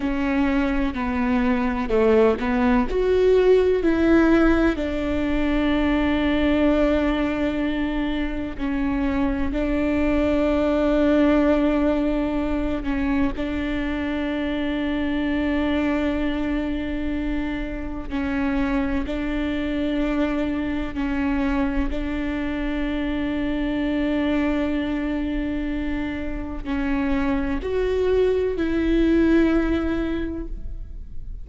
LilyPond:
\new Staff \with { instrumentName = "viola" } { \time 4/4 \tempo 4 = 63 cis'4 b4 a8 b8 fis'4 | e'4 d'2.~ | d'4 cis'4 d'2~ | d'4. cis'8 d'2~ |
d'2. cis'4 | d'2 cis'4 d'4~ | d'1 | cis'4 fis'4 e'2 | }